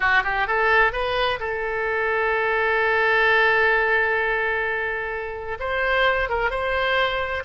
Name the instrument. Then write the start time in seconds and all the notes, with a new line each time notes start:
oboe
0.00 F#4
0.23 G4
0.47 A4
0.92 B4
1.39 A4
5.59 C5
6.29 A#4
6.50 C5